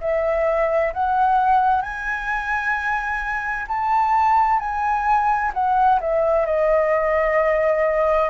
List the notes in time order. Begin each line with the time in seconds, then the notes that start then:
0.00 E5
0.93 F#5
1.81 G#5
3.67 A5
4.59 G#5
5.53 F#5
6.00 E5
6.45 D#5